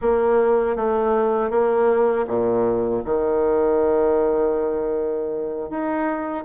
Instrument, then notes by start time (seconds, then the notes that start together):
bassoon
0.01 A#3
0.76 A3
1.50 A#3
2.27 A#2
3.04 D#3
5.70 D#4